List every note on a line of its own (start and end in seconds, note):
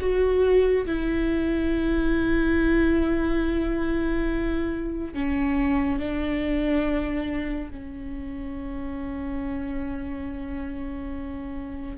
0.00 0.86 F#4
0.86 5.14 E4
5.14 5.99 C#4
5.99 7.71 D4
7.71 11.98 C#4